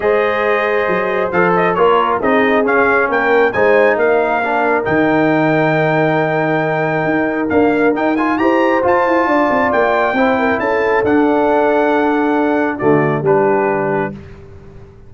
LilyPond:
<<
  \new Staff \with { instrumentName = "trumpet" } { \time 4/4 \tempo 4 = 136 dis''2. f''8 dis''8 | cis''4 dis''4 f''4 g''4 | gis''4 f''2 g''4~ | g''1~ |
g''4 f''4 g''8 gis''8 ais''4 | a''2 g''2 | a''4 fis''2.~ | fis''4 d''4 b'2 | }
  \new Staff \with { instrumentName = "horn" } { \time 4/4 c''1 | ais'4 gis'2 ais'4 | c''4 ais'2.~ | ais'1~ |
ais'2. c''4~ | c''4 d''2 c''8 ais'8 | a'1~ | a'4 fis'4 g'2 | }
  \new Staff \with { instrumentName = "trombone" } { \time 4/4 gis'2. a'4 | f'4 dis'4 cis'2 | dis'2 d'4 dis'4~ | dis'1~ |
dis'4 ais4 dis'8 f'8 g'4 | f'2. e'4~ | e'4 d'2.~ | d'4 a4 d'2 | }
  \new Staff \with { instrumentName = "tuba" } { \time 4/4 gis2 fis4 f4 | ais4 c'4 cis'4 ais4 | gis4 ais2 dis4~ | dis1 |
dis'4 d'4 dis'4 e'4 | f'8 e'8 d'8 c'8 ais4 c'4 | cis'4 d'2.~ | d'4 d4 g2 | }
>>